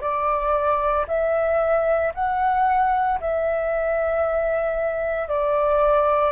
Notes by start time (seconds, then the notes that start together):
0.00 D5
1.07 E5
2.14 F#5
3.20 E5
5.28 D5